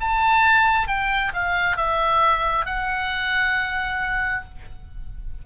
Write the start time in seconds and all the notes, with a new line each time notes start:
0.00 A5
0.87 G5
1.33 F5
1.76 E5
2.65 F#5